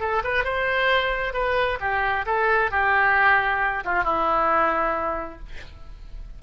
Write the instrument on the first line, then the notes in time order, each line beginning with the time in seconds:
oboe
0.00 A4
0.24 B4
0.44 C5
1.34 B4
1.80 G4
2.26 A4
2.71 G4
3.85 F4
4.04 E4